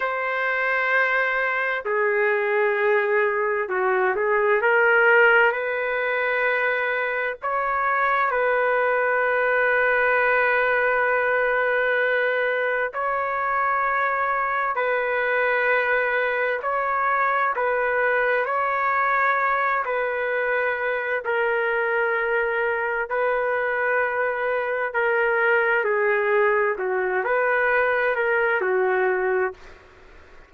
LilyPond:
\new Staff \with { instrumentName = "trumpet" } { \time 4/4 \tempo 4 = 65 c''2 gis'2 | fis'8 gis'8 ais'4 b'2 | cis''4 b'2.~ | b'2 cis''2 |
b'2 cis''4 b'4 | cis''4. b'4. ais'4~ | ais'4 b'2 ais'4 | gis'4 fis'8 b'4 ais'8 fis'4 | }